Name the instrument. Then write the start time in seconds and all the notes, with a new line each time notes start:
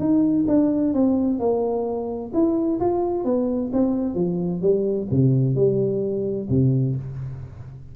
tuba
0.00 D#4
0.48 D4
0.94 C4
1.40 A#3
2.34 E4
2.80 F4
3.25 B3
3.73 C4
4.15 F3
4.62 G3
5.11 C3
5.56 G3
6.50 C3